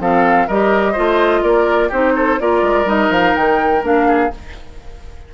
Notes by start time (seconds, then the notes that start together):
0.00 F3 C4 A4 F5
0.48 G3 G4 A#4 D#5
0.93 A3 F4 C5
1.43 A#3 A#4 D5
1.89 C4 D#4 G4 C5
2.16 A4
2.40 A#3 F4 A#4 D5
2.63 G#3
2.85 G3 D#4 D#5
3.10 F3 F5
3.36 D#3 G5
3.83 A#3 D4 F5
4.08 G#4